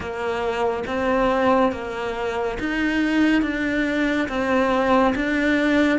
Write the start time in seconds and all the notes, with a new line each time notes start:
0.00 A#3
0.86 C4
1.72 A#3
2.59 D#4
3.42 D4
4.28 C4
5.15 D4